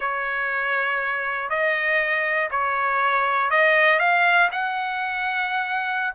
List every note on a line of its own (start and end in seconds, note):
0.00 1.49 C#5
1.49 2.49 D#5
2.50 3.50 C#5
3.50 3.99 D#5
3.99 4.49 F5
4.51 6.14 F#5